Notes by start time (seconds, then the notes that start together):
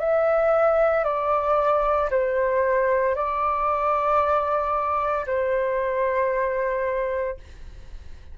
0.00 E5
1.04 D5
2.11 C5
3.15 D5
5.26 C5